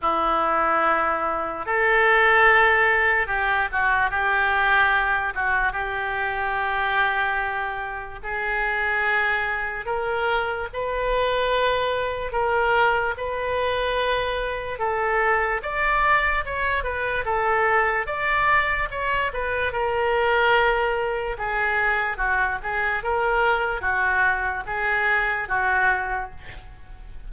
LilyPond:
\new Staff \with { instrumentName = "oboe" } { \time 4/4 \tempo 4 = 73 e'2 a'2 | g'8 fis'8 g'4. fis'8 g'4~ | g'2 gis'2 | ais'4 b'2 ais'4 |
b'2 a'4 d''4 | cis''8 b'8 a'4 d''4 cis''8 b'8 | ais'2 gis'4 fis'8 gis'8 | ais'4 fis'4 gis'4 fis'4 | }